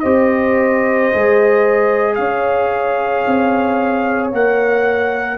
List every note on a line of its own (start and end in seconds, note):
0.00 1.11 C4
0.00 1.12 G4
0.00 2.17 C5
0.00 2.14 D#5
1.12 2.18 G#3
1.12 4.32 G#4
2.15 3.25 C#4
2.15 5.37 C#5
2.15 4.29 F5
3.27 4.32 C4
4.32 5.37 A#3
4.32 5.37 A#4
4.32 5.37 F#5